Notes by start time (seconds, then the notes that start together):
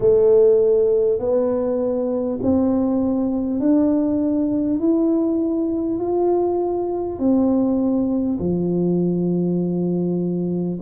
0.00 A3
1.19 B3
2.42 C4
3.60 D4
4.79 E4
5.99 F4
7.18 C4
8.39 F3